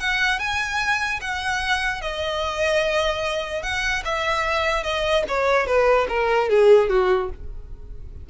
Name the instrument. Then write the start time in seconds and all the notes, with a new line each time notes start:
violin
0.00 F#5
0.39 G#5
1.21 F#5
2.01 D#5
3.63 F#5
4.05 E5
4.84 D#5
5.28 C#5
5.67 B4
6.09 A#4
6.49 G#4
6.89 F#4